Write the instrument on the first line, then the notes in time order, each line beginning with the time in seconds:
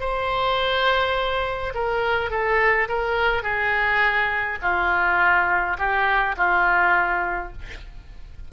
oboe
0.00 C5
1.74 A#4
2.30 A4
2.88 A#4
3.42 G#4
4.62 F4
5.77 G4
6.37 F4